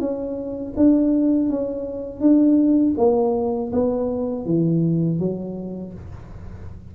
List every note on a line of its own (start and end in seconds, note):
0.00 0.74 C#4
0.77 1.50 D4
1.50 2.21 C#4
2.21 2.95 D4
2.98 3.72 A#3
3.73 4.46 B3
4.46 5.19 E3
5.19 5.93 F#3